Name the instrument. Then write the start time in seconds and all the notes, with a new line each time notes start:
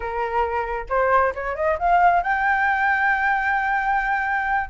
flute
0.00 A#4
0.89 C5
1.35 C#5
1.55 D#5
1.78 F5
2.22 G5